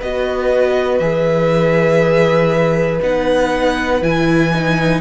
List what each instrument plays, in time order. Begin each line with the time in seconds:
0.00 cello B3, viola F#4, violin B4 D#5
0.98 cello E3, viola G#4, violin E5
3.02 cello B3, viola D#4, violin F#5
4.01 cello E3, viola E4, violin G#5
4.54 viola D#4